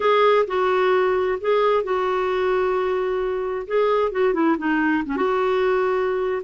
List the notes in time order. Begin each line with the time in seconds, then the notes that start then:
0.00 G#4
0.47 F#4
1.40 G#4
1.83 F#4
3.67 G#4
4.11 F#4
4.33 E4
4.58 D#4
5.05 C#4
5.16 F#4